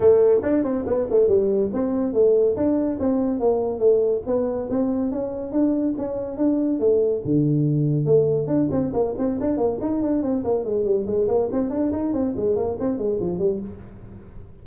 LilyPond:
\new Staff \with { instrumentName = "tuba" } { \time 4/4 \tempo 4 = 141 a4 d'8 c'8 b8 a8 g4 | c'4 a4 d'4 c'4 | ais4 a4 b4 c'4 | cis'4 d'4 cis'4 d'4 |
a4 d2 a4 | d'8 c'8 ais8 c'8 d'8 ais8 dis'8 d'8 | c'8 ais8 gis8 g8 gis8 ais8 c'8 d'8 | dis'8 c'8 gis8 ais8 c'8 gis8 f8 g8 | }